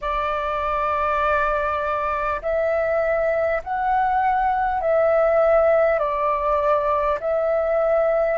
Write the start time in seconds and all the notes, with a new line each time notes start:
0.01 D5
2.42 E5
3.63 F#5
4.81 E5
5.98 D5
7.20 E5